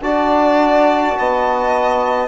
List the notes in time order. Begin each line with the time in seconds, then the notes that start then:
0.00 D4 F#4 D5 A5
1.18 B3 D#5